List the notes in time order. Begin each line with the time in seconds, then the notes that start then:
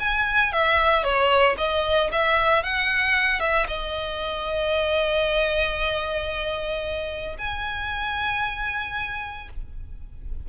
0.00 G#5
0.53 E5
1.04 C#5
1.58 D#5
2.12 E5
2.63 F#5
3.40 E5
3.68 D#5
7.39 G#5